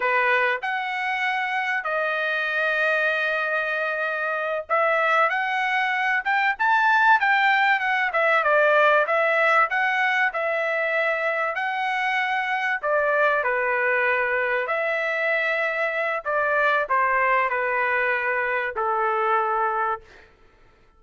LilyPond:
\new Staff \with { instrumentName = "trumpet" } { \time 4/4 \tempo 4 = 96 b'4 fis''2 dis''4~ | dis''2.~ dis''8 e''8~ | e''8 fis''4. g''8 a''4 g''8~ | g''8 fis''8 e''8 d''4 e''4 fis''8~ |
fis''8 e''2 fis''4.~ | fis''8 d''4 b'2 e''8~ | e''2 d''4 c''4 | b'2 a'2 | }